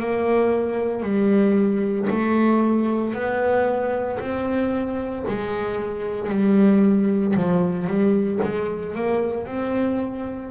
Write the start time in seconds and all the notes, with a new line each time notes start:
0.00 A#3
1.03 G3
2.10 A3
3.14 B3
4.20 C4
5.29 G#3
6.30 G3
7.37 F3
7.88 G3
8.43 G#3
8.96 A#3
9.47 C4